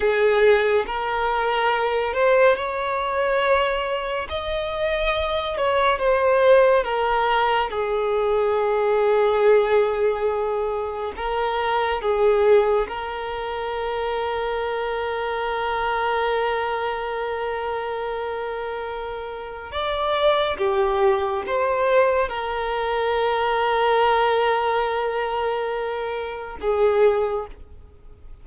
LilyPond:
\new Staff \with { instrumentName = "violin" } { \time 4/4 \tempo 4 = 70 gis'4 ais'4. c''8 cis''4~ | cis''4 dis''4. cis''8 c''4 | ais'4 gis'2.~ | gis'4 ais'4 gis'4 ais'4~ |
ais'1~ | ais'2. d''4 | g'4 c''4 ais'2~ | ais'2. gis'4 | }